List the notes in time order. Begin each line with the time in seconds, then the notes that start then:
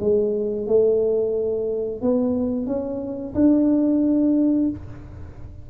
0.00 G#3
0.67 A3
2.02 B3
2.67 C#4
3.35 D4